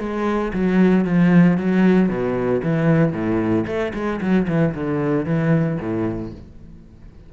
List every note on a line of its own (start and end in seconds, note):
0.00 0.53 G#3
0.54 1.05 F#3
1.05 1.58 F3
1.58 2.09 F#3
2.09 2.62 B2
2.63 3.13 E3
3.13 3.66 A2
3.67 3.93 A3
3.94 4.21 G#3
4.21 4.48 F#3
4.48 4.75 E3
4.75 5.26 D3
5.26 5.78 E3
5.80 6.33 A2